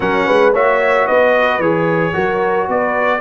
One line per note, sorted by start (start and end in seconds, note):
0.00 0.27 F#3
0.00 0.53 C#4
0.00 0.26 A#4
0.00 0.52 F#5
0.26 0.54 G#3
0.26 0.53 B4
0.53 1.08 A#3
0.53 1.62 F#4
0.53 1.06 C#5
0.53 1.07 E5
1.06 1.59 B3
1.06 2.13 B4
1.06 1.60 D#5
1.59 2.12 E3
1.59 2.13 G#4
1.59 2.68 C#5
2.13 2.68 F#3
2.13 3.20 F#4
2.13 2.68 A#4
2.68 3.20 B3
2.68 3.20 B4
2.68 3.20 D5